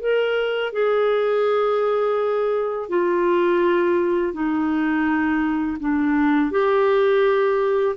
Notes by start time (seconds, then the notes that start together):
0.00 A#4
0.72 G#4
2.89 F4
4.32 D#4
5.80 D4
6.51 G4